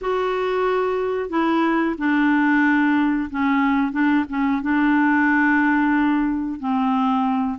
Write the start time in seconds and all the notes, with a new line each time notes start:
0.01 F#4
1.29 E4
1.98 D4
3.30 C#4
3.92 D4
4.29 C#4
4.62 D4
6.59 C4